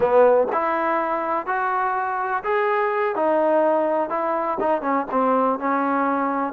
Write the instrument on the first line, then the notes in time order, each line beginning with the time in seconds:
trombone
0.00 B3
0.52 E4
1.46 F#4
2.43 G#4
3.15 D#4
4.09 E4
4.60 D#4
4.81 C#4
5.11 C4
5.59 C#4